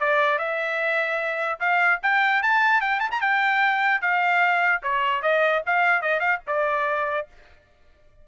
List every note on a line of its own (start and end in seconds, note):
0.00 0.39 D5
0.39 1.60 E5
1.60 2.00 F5
2.03 2.43 G5
2.43 2.81 A5
2.81 3.00 G5
3.00 3.10 A5
3.12 3.21 A#5
3.21 4.02 G5
4.02 4.82 F5
4.83 5.23 C#5
5.23 5.63 D#5
5.67 6.02 F5
6.02 6.20 D#5
6.20 6.40 F5
6.47 7.28 D5